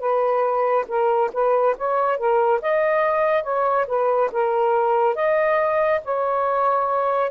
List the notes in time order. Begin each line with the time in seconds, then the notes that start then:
0.00 B4
0.88 A#4
1.34 B4
1.78 C#5
2.18 A#4
2.62 D#5
3.43 C#5
3.88 B4
4.32 A#4
5.15 D#5
6.05 C#5